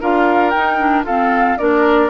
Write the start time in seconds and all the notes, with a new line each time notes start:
0.00 D4 F4 A#4 F5
0.50 D#4 G5
0.78 D4
1.03 C4 F4 A4 F5
1.57 A#3 D4 A#4 D5